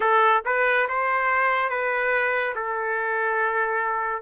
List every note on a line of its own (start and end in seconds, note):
0.00 0.42 A4
0.45 0.87 B4
0.88 1.69 C5
1.69 2.54 B4
2.55 4.22 A4